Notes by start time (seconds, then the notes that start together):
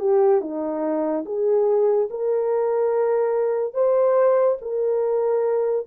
0.00 G4
0.41 D#4
1.25 G#4
2.10 A#4
3.74 C5
4.61 A#4